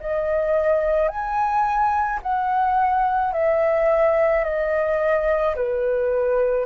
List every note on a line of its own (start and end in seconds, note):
0.00 1.09 D#5
1.09 2.20 G#5
2.22 3.33 F#5
3.33 4.44 E5
4.44 5.56 D#5
5.56 6.66 B4